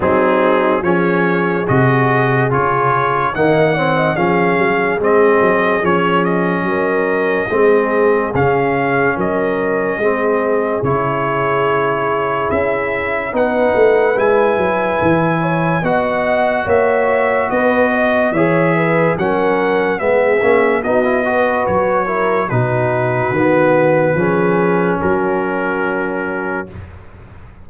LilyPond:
<<
  \new Staff \with { instrumentName = "trumpet" } { \time 4/4 \tempo 4 = 72 gis'4 cis''4 dis''4 cis''4 | fis''4 f''4 dis''4 cis''8 dis''8~ | dis''2 f''4 dis''4~ | dis''4 cis''2 e''4 |
fis''4 gis''2 fis''4 | e''4 dis''4 e''4 fis''4 | e''4 dis''4 cis''4 b'4~ | b'2 ais'2 | }
  \new Staff \with { instrumentName = "horn" } { \time 4/4 dis'4 gis'2. | dis''8 cis''16 dis''16 gis'2. | ais'4 gis'2 ais'4 | gis'1 |
b'2~ b'8 cis''8 dis''4 | cis''4 b'8 dis''8 cis''8 b'8 ais'4 | gis'4 fis'8 b'4 ais'8 fis'4~ | fis'4 gis'4 fis'2 | }
  \new Staff \with { instrumentName = "trombone" } { \time 4/4 c'4 cis'4 fis'4 f'4 | ais8 c'8 cis'4 c'4 cis'4~ | cis'4 c'4 cis'2 | c'4 e'2. |
dis'4 e'2 fis'4~ | fis'2 gis'4 cis'4 | b8 cis'8 dis'16 e'16 fis'4 e'8 dis'4 | b4 cis'2. | }
  \new Staff \with { instrumentName = "tuba" } { \time 4/4 fis4 f4 c4 cis4 | dis4 f8 fis8 gis8 fis8 f4 | fis4 gis4 cis4 fis4 | gis4 cis2 cis'4 |
b8 a8 gis8 fis8 e4 b4 | ais4 b4 e4 fis4 | gis8 ais8 b4 fis4 b,4 | dis4 f4 fis2 | }
>>